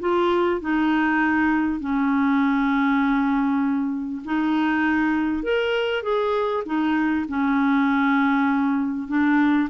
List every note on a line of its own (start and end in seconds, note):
0.00 0.61 F4
0.61 1.80 D#4
1.80 4.22 C#4
4.25 5.43 D#4
5.43 6.03 A#4
6.03 6.63 G#4
6.65 7.26 D#4
7.28 9.08 C#4
9.08 9.69 D4